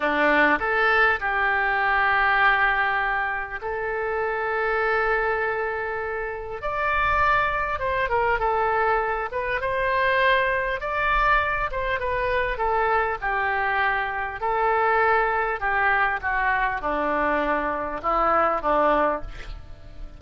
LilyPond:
\new Staff \with { instrumentName = "oboe" } { \time 4/4 \tempo 4 = 100 d'4 a'4 g'2~ | g'2 a'2~ | a'2. d''4~ | d''4 c''8 ais'8 a'4. b'8 |
c''2 d''4. c''8 | b'4 a'4 g'2 | a'2 g'4 fis'4 | d'2 e'4 d'4 | }